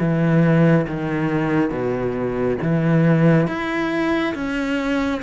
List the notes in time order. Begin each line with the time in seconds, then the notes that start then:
0.00 E3
0.87 D#3
1.70 B2
2.62 E3
3.48 E4
4.35 C#4